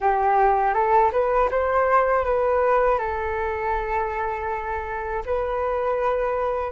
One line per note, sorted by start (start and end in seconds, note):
0.00 0.73 G4
0.73 1.11 A4
1.11 1.49 B4
1.50 2.25 C5
2.25 2.98 B4
2.98 5.23 A4
5.25 6.71 B4